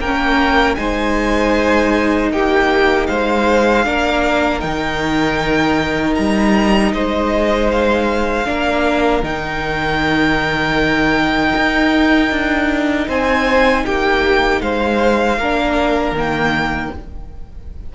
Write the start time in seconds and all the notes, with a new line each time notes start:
0.00 A#3 C#4 A#4 G5
0.75 G#3 D#4 C5 G#5
2.32 A#3 G4 G5
3.07 G#3 C5 F5
3.85 A#3 D4 A#4
4.59 D#3 D#4 G5
6.15 G3 A#5
6.93 G#3 C5 D#5
7.72 F5
8.45 A#3 D4 A#4
9.23 D#3 D#4 G5
11.56 D#4
12.31 D4
13.07 C4 C5 G#5
13.85 A#3 G4 G5
14.61 G#3 C5 F5
15.38 A#3 D4 A#4
16.12 D#3 A#3 G5